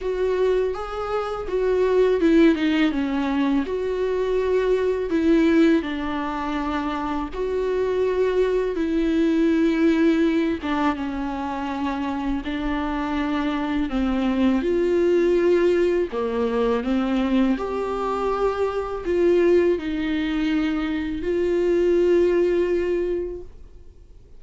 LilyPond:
\new Staff \with { instrumentName = "viola" } { \time 4/4 \tempo 4 = 82 fis'4 gis'4 fis'4 e'8 dis'8 | cis'4 fis'2 e'4 | d'2 fis'2 | e'2~ e'8 d'8 cis'4~ |
cis'4 d'2 c'4 | f'2 ais4 c'4 | g'2 f'4 dis'4~ | dis'4 f'2. | }